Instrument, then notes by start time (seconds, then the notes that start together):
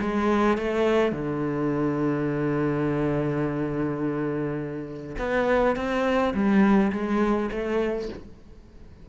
cello
0.00 G#3
0.57 A3
1.11 D3
5.18 B3
5.76 C4
6.34 G3
6.92 G#3
7.51 A3